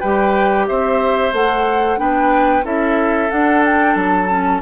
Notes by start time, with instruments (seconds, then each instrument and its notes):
0.00 bassoon G3, clarinet G4, oboe B4, flute G5
0.67 bassoon C4, oboe C5, flute E5
1.32 bassoon A3, clarinet A4, flute F#5
1.97 bassoon B3, clarinet D4, oboe B4, flute G5
2.63 bassoon C#4, clarinet E4, oboe A4, flute E5
3.30 clarinet D4, bassoon D4, flute F#5
3.65 flute G5
3.95 bassoon F#3, flute A5
4.29 clarinet C#4